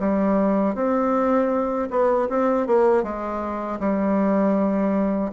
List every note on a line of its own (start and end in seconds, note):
0.00 0.75 G3
0.75 1.89 C4
1.91 2.29 B3
2.30 2.67 C4
2.67 3.03 A#3
3.03 3.79 G#3
3.80 5.32 G3